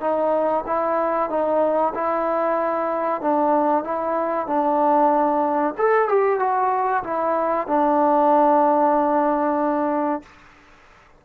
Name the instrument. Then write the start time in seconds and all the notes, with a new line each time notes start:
trombone
0.00 D#4
0.66 E4
1.29 D#4
1.94 E4
3.21 D4
3.84 E4
4.47 D4
5.78 A4
6.08 G4
6.39 F#4
7.03 E4
7.67 D4